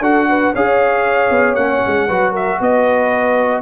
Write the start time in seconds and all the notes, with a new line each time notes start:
0.00 D4 F#4 A4 F#5
0.29 B4
0.54 C#4 G#4 C#5 F5
1.30 B3
1.55 A#3 C#4 F#5
1.87 G#3
2.08 F#3 F#4 B4
2.31 A#4 E5
2.60 B3 B4 D#5